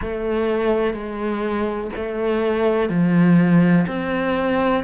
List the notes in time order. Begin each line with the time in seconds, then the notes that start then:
0.01 A3
0.93 G#3
1.96 A3
2.89 F3
3.87 C4